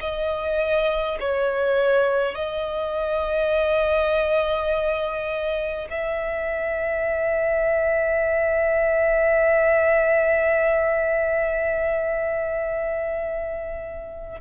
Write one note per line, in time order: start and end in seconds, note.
0.00 1.18 D#5
1.20 2.35 C#5
2.35 5.88 D#5
5.89 14.40 E5